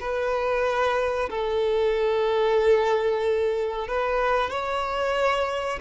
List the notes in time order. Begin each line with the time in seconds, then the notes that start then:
0.00 B4
1.30 A4
3.87 B4
4.50 C#5